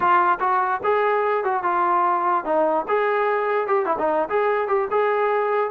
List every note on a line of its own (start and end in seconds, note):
0.00 0.38 F4
0.40 0.80 F#4
0.83 1.44 G#4
1.44 1.63 F#4
1.63 2.44 F4
2.44 2.85 D#4
2.88 3.67 G#4
3.67 3.85 G4
3.85 3.96 E4
3.98 4.29 D#4
4.29 4.67 G#4
4.67 4.88 G4
4.90 5.70 G#4